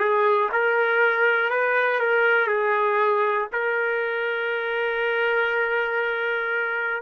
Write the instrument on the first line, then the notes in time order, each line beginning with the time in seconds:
trumpet
0.00 G#4
0.52 A#4
1.51 B4
2.00 A#4
2.48 G#4
3.53 A#4